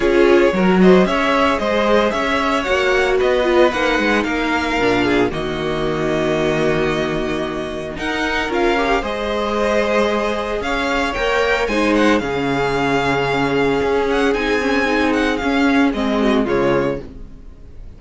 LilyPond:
<<
  \new Staff \with { instrumentName = "violin" } { \time 4/4 \tempo 4 = 113 cis''4. dis''8 e''4 dis''4 | e''4 fis''4 dis''4 fis''4 | f''2 dis''2~ | dis''2. fis''4 |
f''4 dis''2. | f''4 g''4 gis''8 fis''8 f''4~ | f''2~ f''8 fis''8 gis''4~ | gis''8 fis''8 f''4 dis''4 cis''4 | }
  \new Staff \with { instrumentName = "violin" } { \time 4/4 gis'4 ais'8 c''8 cis''4 c''4 | cis''2 b'2 | ais'4. gis'8 fis'2~ | fis'2. ais'4~ |
ais'4 c''2. | cis''2 c''4 gis'4~ | gis'1~ | gis'2~ gis'8 fis'8 f'4 | }
  \new Staff \with { instrumentName = "viola" } { \time 4/4 f'4 fis'4 gis'2~ | gis'4 fis'4. f'8 dis'4~ | dis'4 d'4 ais2~ | ais2. dis'4 |
f'8 g'8 gis'2.~ | gis'4 ais'4 dis'4 cis'4~ | cis'2. dis'8 cis'8 | dis'4 cis'4 c'4 gis4 | }
  \new Staff \with { instrumentName = "cello" } { \time 4/4 cis'4 fis4 cis'4 gis4 | cis'4 ais4 b4 ais8 gis8 | ais4 ais,4 dis2~ | dis2. dis'4 |
cis'4 gis2. | cis'4 ais4 gis4 cis4~ | cis2 cis'4 c'4~ | c'4 cis'4 gis4 cis4 | }
>>